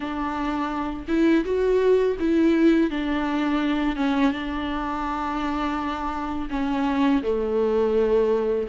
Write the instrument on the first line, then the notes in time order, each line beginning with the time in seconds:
viola
0.00 D4
1.08 E4
1.44 F#4
2.19 E4
2.90 D4
3.96 C#4
4.31 D4
6.50 C#4
7.22 A3